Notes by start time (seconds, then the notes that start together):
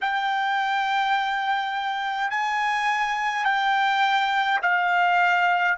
0.01 G5
2.30 G#5
3.44 G5
4.62 F5